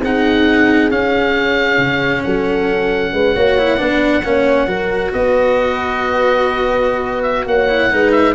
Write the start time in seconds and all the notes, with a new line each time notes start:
0.00 C4 D#4 G#4 F#5
0.91 C#4 F5
1.78 C#3
2.23 F#3 A4 F#5
3.12 G#3 B4
3.34 A#3 F#4 C#5
3.58 E4
3.77 B3 D4 B4
4.25 A#3 C#4 C#5
4.67 F#3 F#4 A#4
5.13 B3 B4 D#5
7.22 E5
7.47 A#3 C#5 F#5
7.68 E4
7.90 G#3 D#4 B4
8.12 E5